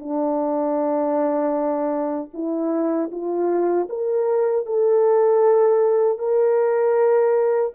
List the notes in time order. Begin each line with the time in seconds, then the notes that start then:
0.00 D4
2.34 E4
3.12 F4
3.90 A#4
4.66 A4
6.19 A#4